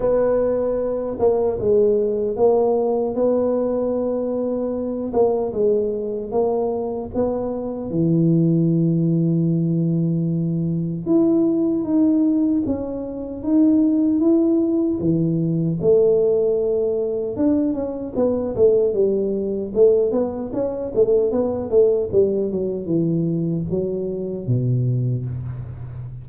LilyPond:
\new Staff \with { instrumentName = "tuba" } { \time 4/4 \tempo 4 = 76 b4. ais8 gis4 ais4 | b2~ b8 ais8 gis4 | ais4 b4 e2~ | e2 e'4 dis'4 |
cis'4 dis'4 e'4 e4 | a2 d'8 cis'8 b8 a8 | g4 a8 b8 cis'8 a8 b8 a8 | g8 fis8 e4 fis4 b,4 | }